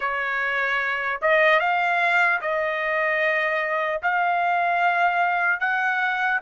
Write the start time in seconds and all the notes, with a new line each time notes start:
0.00 C#5
1.21 D#5
1.59 F5
2.41 D#5
4.02 F5
5.60 F#5